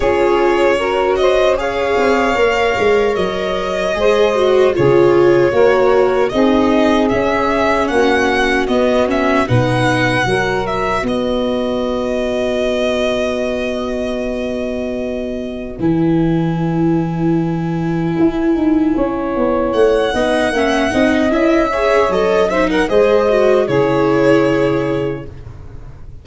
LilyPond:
<<
  \new Staff \with { instrumentName = "violin" } { \time 4/4 \tempo 4 = 76 cis''4. dis''8 f''2 | dis''2 cis''2 | dis''4 e''4 fis''4 dis''8 e''8 | fis''4. e''8 dis''2~ |
dis''1 | gis''1~ | gis''4 fis''2 e''4 | dis''8 e''16 fis''16 dis''4 cis''2 | }
  \new Staff \with { instrumentName = "saxophone" } { \time 4/4 gis'4 ais'8 c''8 cis''2~ | cis''4 c''4 gis'4 ais'4 | gis'2 fis'2 | b'4 ais'4 b'2~ |
b'1~ | b'1 | cis''4. dis''8 e''8 dis''4 cis''8~ | cis''8 c''16 ais'16 c''4 gis'2 | }
  \new Staff \with { instrumentName = "viola" } { \time 4/4 f'4 fis'4 gis'4 ais'4~ | ais'4 gis'8 fis'8 f'4 fis'4 | dis'4 cis'2 b8 cis'8 | dis'4 fis'2.~ |
fis'1 | e'1~ | e'4. dis'8 cis'8 dis'8 e'8 gis'8 | a'8 dis'8 gis'8 fis'8 e'2 | }
  \new Staff \with { instrumentName = "tuba" } { \time 4/4 cis'2~ cis'8 c'8 ais8 gis8 | fis4 gis4 cis4 ais4 | c'4 cis'4 ais4 b4 | b,4 fis4 b2~ |
b1 | e2. e'8 dis'8 | cis'8 b8 a8 b8 ais8 c'8 cis'4 | fis4 gis4 cis2 | }
>>